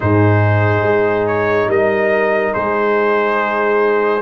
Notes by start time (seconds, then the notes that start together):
0.00 G#2 D#4 G#4 C5
0.82 G#3
1.27 C#5
1.67 G3 A#4 D#5
2.53 G#3 G#4 C5